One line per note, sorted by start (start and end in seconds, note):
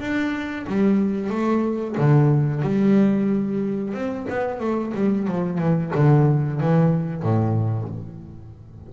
0.00 0.66 D4
0.67 1.30 G3
1.30 1.96 A3
1.98 2.62 D3
2.62 3.94 G3
3.94 4.27 C4
4.29 4.60 B3
4.60 4.93 A3
4.95 5.27 G3
5.28 5.59 F3
5.59 5.92 E3
5.95 6.61 D3
6.61 7.23 E3
7.23 7.89 A2